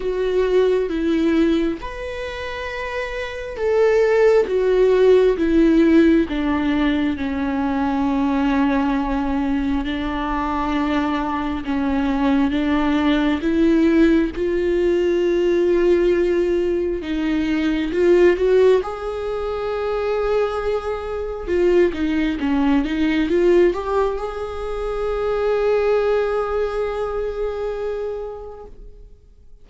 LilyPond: \new Staff \with { instrumentName = "viola" } { \time 4/4 \tempo 4 = 67 fis'4 e'4 b'2 | a'4 fis'4 e'4 d'4 | cis'2. d'4~ | d'4 cis'4 d'4 e'4 |
f'2. dis'4 | f'8 fis'8 gis'2. | f'8 dis'8 cis'8 dis'8 f'8 g'8 gis'4~ | gis'1 | }